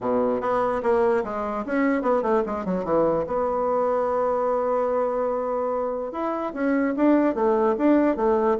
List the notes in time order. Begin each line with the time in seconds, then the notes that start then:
0.00 B2
0.40 B3
0.82 A#3
1.24 G#3
1.65 C#4
2.02 B3
2.22 A3
2.45 G#3
2.65 F#3
2.84 E3
3.27 B3
6.12 E4
6.53 C#4
6.96 D4
7.35 A3
7.77 D4
8.16 A3